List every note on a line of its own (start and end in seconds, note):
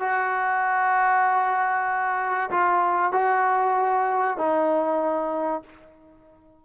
0.00 2.50 F#4
2.51 3.12 F4
3.12 4.38 F#4
4.38 5.62 D#4